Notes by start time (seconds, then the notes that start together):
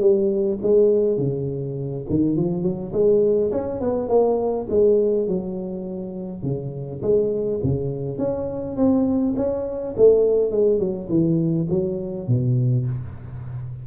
0.00 G3
0.62 G#3
1.18 C#3
2.10 D#3
2.36 F3
2.63 F#3
2.93 G#3
3.52 C#4
3.80 B3
4.09 A#3
4.69 G#3
5.28 F#3
6.43 C#3
7.02 G#3
7.63 C#3
8.18 C#4
8.76 C4
9.37 C#4
9.97 A3
10.51 G#3
10.79 F#3
11.09 E3
11.70 F#3
12.28 B2